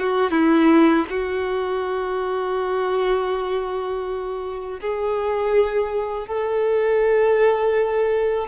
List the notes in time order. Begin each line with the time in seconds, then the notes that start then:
0.00 F#4
0.32 E4
1.10 F#4
4.81 G#4
6.28 A4